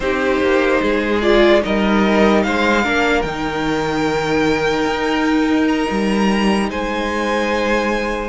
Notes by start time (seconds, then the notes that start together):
0.00 C4 D#4 G4 C5
0.40 A#3
0.81 G#3 G#4
1.22 F4 D5
1.61 G3 D#4 A#4 D#5
2.43 G#3 C5 F5
2.82 A#3 D4 A#4
3.21 D#3 D#4 G5
4.86 D#4
5.68 A#5
5.90 G3
6.69 G#3 C5 G#5